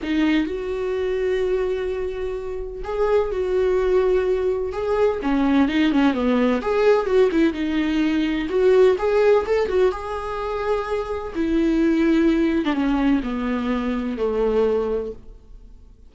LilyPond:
\new Staff \with { instrumentName = "viola" } { \time 4/4 \tempo 4 = 127 dis'4 fis'2.~ | fis'2 gis'4 fis'4~ | fis'2 gis'4 cis'4 | dis'8 cis'8 b4 gis'4 fis'8 e'8 |
dis'2 fis'4 gis'4 | a'8 fis'8 gis'2. | e'2~ e'8. d'16 cis'4 | b2 a2 | }